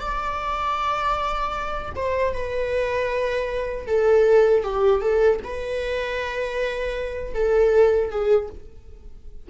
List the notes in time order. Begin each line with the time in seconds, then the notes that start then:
0.00 D5
1.95 C5
2.33 B4
3.87 A4
4.63 G4
5.01 A4
5.43 B4
7.34 A4
8.10 G#4